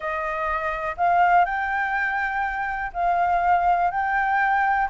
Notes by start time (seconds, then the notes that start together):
0.00 D#5
0.97 F5
1.45 G5
2.93 F5
3.90 G5